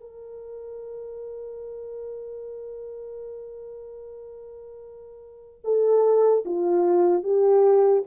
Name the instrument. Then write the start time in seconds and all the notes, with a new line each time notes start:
horn
0.00 A#4
5.64 A4
6.45 F4
7.23 G4